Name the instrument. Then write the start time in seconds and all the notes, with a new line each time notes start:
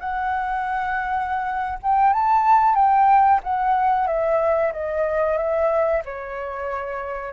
flute
0.00 F#5
1.83 G5
2.13 A5
2.75 G5
3.44 F#5
4.07 E5
4.73 D#5
5.37 E5
6.05 C#5